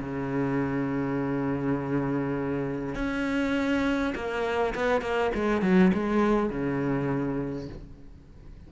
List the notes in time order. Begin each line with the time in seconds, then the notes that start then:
0.00 C#3
2.95 C#4
4.15 A#3
4.75 B3
5.02 A#3
5.35 G#3
5.62 F#3
5.94 G#3
6.50 C#3